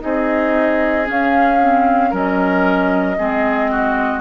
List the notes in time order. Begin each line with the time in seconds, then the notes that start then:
0.00 C4 D#4 G#4 D#5
1.05 C#4 F5
1.62 C4
2.10 F#3 C#4 A#4 D#5
3.18 G#3 C4 G#4
3.71 F#4